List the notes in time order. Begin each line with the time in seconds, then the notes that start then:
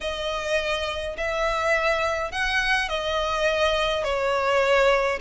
0.01 D#5
1.17 E5
2.31 F#5
2.88 D#5
4.04 C#5